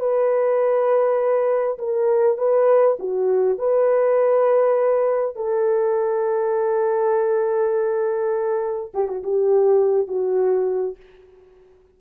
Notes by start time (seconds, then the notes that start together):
0.00 B4
1.79 A#4
2.38 B4
2.99 F#4
3.59 B4
5.36 A4
8.94 G4
9.08 F#4
9.23 G4
10.08 F#4